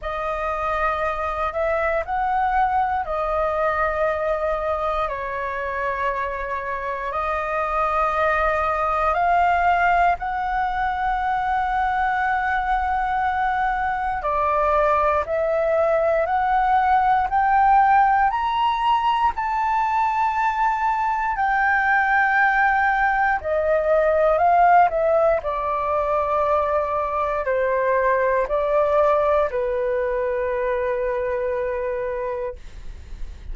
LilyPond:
\new Staff \with { instrumentName = "flute" } { \time 4/4 \tempo 4 = 59 dis''4. e''8 fis''4 dis''4~ | dis''4 cis''2 dis''4~ | dis''4 f''4 fis''2~ | fis''2 d''4 e''4 |
fis''4 g''4 ais''4 a''4~ | a''4 g''2 dis''4 | f''8 e''8 d''2 c''4 | d''4 b'2. | }